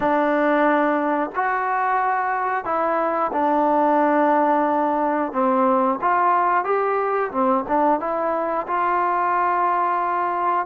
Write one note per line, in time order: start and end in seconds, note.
0.00 1.30 D4
1.35 2.64 F#4
2.64 3.31 E4
3.32 5.32 D4
5.32 5.98 C4
6.01 6.64 F4
6.64 7.31 G4
7.31 7.64 C4
7.68 7.99 D4
7.99 8.66 E4
8.67 10.66 F4